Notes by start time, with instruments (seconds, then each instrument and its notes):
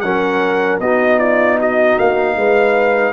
0.00 tuba F#3, trombone C#4, horn A#4, trumpet F#5
0.79 tuba B3, trombone D#4, horn F#4, trumpet D#5
1.19 horn F4, trumpet D5
1.58 horn F#4, trumpet D#5
1.99 tuba A#3, trumpet F5
2.36 tuba G#3, horn B4